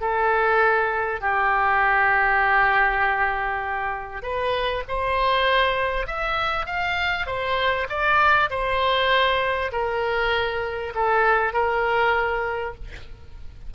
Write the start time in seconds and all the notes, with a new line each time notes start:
0.00 A4
1.20 G4
4.22 B4
4.88 C5
6.07 E5
6.66 F5
7.26 C5
7.89 D5
8.50 C5
9.72 A#4
10.94 A4
11.53 A#4